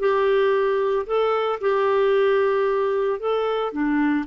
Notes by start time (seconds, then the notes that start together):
0.00 G4
1.06 A4
1.61 G4
3.20 A4
3.73 D4